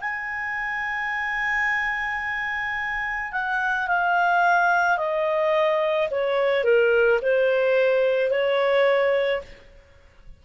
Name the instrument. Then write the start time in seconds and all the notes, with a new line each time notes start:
clarinet
0.00 G#5
3.32 F#5
3.87 F5
4.97 D#5
6.11 C#5
6.64 A#4
7.22 C5
8.30 C#5